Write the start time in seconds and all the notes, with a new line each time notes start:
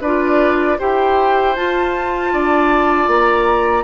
0.00 D4 F4 B4 D5
0.78 E4 G4 C5 G5
1.55 F4 A5
2.32 D4 D5
3.07 A#3 A#5